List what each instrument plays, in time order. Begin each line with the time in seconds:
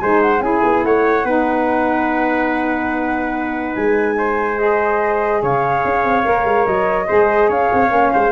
0.00 tuba G#3, saxophone D#4, trumpet C5, flute G#5
0.22 flute F#5
0.40 tuba C#4, saxophone E4, trumpet G#4, flute G#5
0.64 tuba B3
0.84 tuba A3, trumpet C#5, flute F#5
1.24 tuba B3, saxophone D#4, trumpet B4
3.76 tuba G#3, flute G#5
4.18 trumpet C5
4.58 saxophone G#4, flute D#5
5.42 tuba C#3, trumpet C#5, flute F5
5.85 tuba C#4
6.05 tuba C4
6.24 tuba A#3, saxophone A#4
6.45 tuba G#3
6.67 tuba F#3, flute D#5
7.08 tuba G#3, saxophone G#4, trumpet C5
7.49 tuba C#4, trumpet C#5, flute F5
7.74 tuba C4
7.88 tuba A#3, saxophone C#4
8.14 tuba G#3, trumpet C5